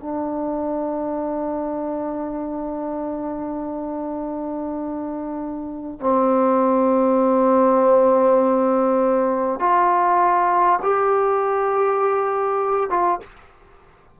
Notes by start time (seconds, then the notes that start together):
0.00 D4
6.00 C4
9.59 F4
10.82 G4
12.90 F4